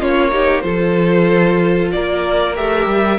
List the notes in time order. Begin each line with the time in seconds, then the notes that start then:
0.00 A#3 C#4 F4 C#5
0.32 D#4 G4
0.62 F3 F4 A4 C5
1.92 A#3 A#4 D5
2.55 A3 G4 E5
2.87 G3